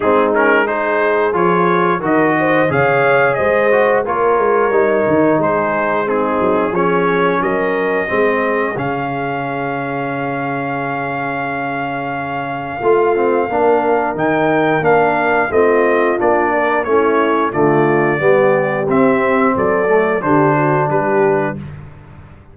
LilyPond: <<
  \new Staff \with { instrumentName = "trumpet" } { \time 4/4 \tempo 4 = 89 gis'8 ais'8 c''4 cis''4 dis''4 | f''4 dis''4 cis''2 | c''4 gis'4 cis''4 dis''4~ | dis''4 f''2.~ |
f''1~ | f''4 g''4 f''4 dis''4 | d''4 cis''4 d''2 | e''4 d''4 c''4 b'4 | }
  \new Staff \with { instrumentName = "horn" } { \time 4/4 dis'4 gis'2 ais'8 c''8 | cis''4 c''4 ais'2 | gis'4 dis'4 gis'4 ais'4 | gis'1~ |
gis'2. f'4 | ais'2. f'4~ | f'8 ais'8 e'4 f'4 g'4~ | g'4 a'4 g'8 fis'8 g'4 | }
  \new Staff \with { instrumentName = "trombone" } { \time 4/4 c'8 cis'8 dis'4 f'4 fis'4 | gis'4. fis'8 f'4 dis'4~ | dis'4 c'4 cis'2 | c'4 cis'2.~ |
cis'2. f'8 c'8 | d'4 dis'4 d'4 c'4 | d'4 cis'4 a4 b4 | c'4. a8 d'2 | }
  \new Staff \with { instrumentName = "tuba" } { \time 4/4 gis2 f4 dis4 | cis4 gis4 ais8 gis8 g8 dis8 | gis4. fis8 f4 fis4 | gis4 cis2.~ |
cis2. a4 | ais4 dis4 ais4 a4 | ais4 a4 d4 g4 | c'4 fis4 d4 g4 | }
>>